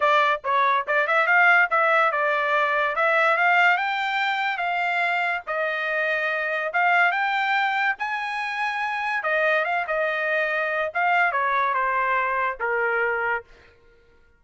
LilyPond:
\new Staff \with { instrumentName = "trumpet" } { \time 4/4 \tempo 4 = 143 d''4 cis''4 d''8 e''8 f''4 | e''4 d''2 e''4 | f''4 g''2 f''4~ | f''4 dis''2. |
f''4 g''2 gis''4~ | gis''2 dis''4 f''8 dis''8~ | dis''2 f''4 cis''4 | c''2 ais'2 | }